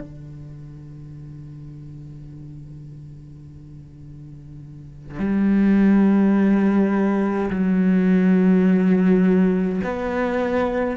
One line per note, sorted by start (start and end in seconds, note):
0.00 5.19 D3
5.19 7.50 G3
7.50 9.81 F#3
9.84 10.97 B3